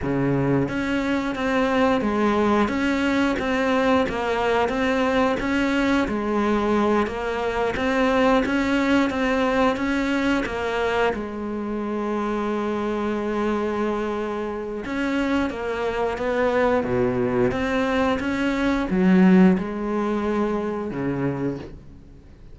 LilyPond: \new Staff \with { instrumentName = "cello" } { \time 4/4 \tempo 4 = 89 cis4 cis'4 c'4 gis4 | cis'4 c'4 ais4 c'4 | cis'4 gis4. ais4 c'8~ | c'8 cis'4 c'4 cis'4 ais8~ |
ais8 gis2.~ gis8~ | gis2 cis'4 ais4 | b4 b,4 c'4 cis'4 | fis4 gis2 cis4 | }